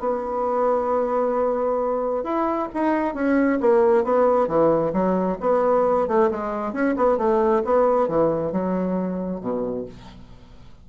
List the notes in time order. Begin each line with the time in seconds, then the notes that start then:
0.00 B3
2.24 E4
2.74 D#4
3.14 C#4
3.60 A#3
4.04 B3
4.48 E3
4.93 F#3
5.41 B3
6.08 A3
6.31 G#3
6.73 C#4
6.96 B3
7.18 A3
7.65 B3
8.08 E3
8.52 F#3
9.41 B2